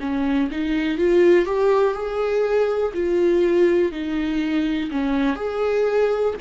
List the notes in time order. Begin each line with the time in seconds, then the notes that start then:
0.00 C#4
0.51 D#4
0.98 F4
1.45 G4
1.94 G#4
2.94 F4
3.92 D#4
4.91 C#4
5.36 G#4